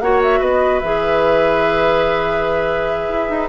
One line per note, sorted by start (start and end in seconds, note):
0.00 0.40 A#3
0.00 0.82 F#4
0.00 0.40 C#5
0.00 0.20 F#5
0.22 0.42 E5
0.40 0.81 B3
0.40 3.49 B4
0.40 0.79 D#5
0.79 3.08 E3
0.79 3.49 G#4
0.79 3.49 E5
3.08 3.28 E4
3.29 3.49 D#4